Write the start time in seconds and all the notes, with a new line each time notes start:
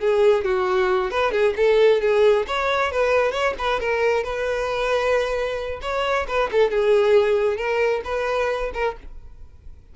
0.00 G#4
0.45 F#4
1.11 B4
1.32 G#4
1.57 A4
2.01 G#4
2.47 C#5
2.92 B4
3.32 C#5
3.59 B4
3.80 A#4
4.24 B4
5.81 C#5
6.28 B4
6.52 A4
6.70 G#4
7.57 A#4
8.05 B4
8.74 A#4